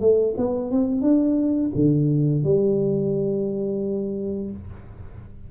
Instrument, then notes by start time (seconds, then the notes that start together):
tuba
0.00 A3
0.37 B3
0.71 C4
1.02 D4
1.75 D3
2.44 G3